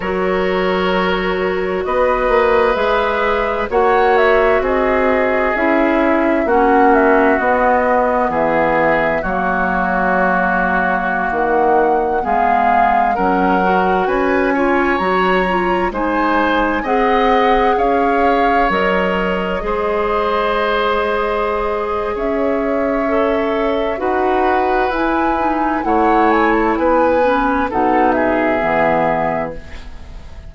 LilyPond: <<
  \new Staff \with { instrumentName = "flute" } { \time 4/4 \tempo 4 = 65 cis''2 dis''4 e''4 | fis''8 e''8 dis''4 e''4 fis''8 e''8 | dis''4 e''4 cis''2~ | cis''16 fis''4 f''4 fis''4 gis''8.~ |
gis''16 ais''4 gis''4 fis''4 f''8.~ | f''16 dis''2.~ dis''8. | e''2 fis''4 gis''4 | fis''8 gis''16 a''16 gis''4 fis''8 e''4. | }
  \new Staff \with { instrumentName = "oboe" } { \time 4/4 ais'2 b'2 | cis''4 gis'2 fis'4~ | fis'4 gis'4 fis'2~ | fis'4~ fis'16 gis'4 ais'4 b'8 cis''16~ |
cis''4~ cis''16 c''4 dis''4 cis''8.~ | cis''4~ cis''16 c''2~ c''8. | cis''2 b'2 | cis''4 b'4 a'8 gis'4. | }
  \new Staff \with { instrumentName = "clarinet" } { \time 4/4 fis'2. gis'4 | fis'2 e'4 cis'4 | b2 ais2~ | ais4~ ais16 b4 cis'8 fis'4 f'16~ |
f'16 fis'8 f'8 dis'4 gis'4.~ gis'16~ | gis'16 ais'4 gis'2~ gis'8.~ | gis'4 a'4 fis'4 e'8 dis'8 | e'4. cis'8 dis'4 b4 | }
  \new Staff \with { instrumentName = "bassoon" } { \time 4/4 fis2 b8 ais8 gis4 | ais4 c'4 cis'4 ais4 | b4 e4 fis2~ | fis16 dis4 gis4 fis4 cis'8.~ |
cis'16 fis4 gis4 c'4 cis'8.~ | cis'16 fis4 gis2~ gis8. | cis'2 dis'4 e'4 | a4 b4 b,4 e4 | }
>>